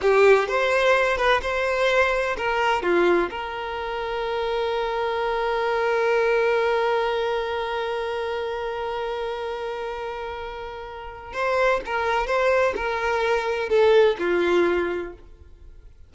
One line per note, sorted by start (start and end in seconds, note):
0.01 0.47 G4
0.47 1.17 C5
1.17 1.40 B4
1.42 2.36 C5
2.37 2.82 A#4
2.82 3.29 F4
3.30 11.33 A#4
11.33 11.80 C5
11.85 12.26 A#4
12.26 12.74 C5
12.76 13.69 A#4
13.69 14.16 A4
14.18 15.13 F4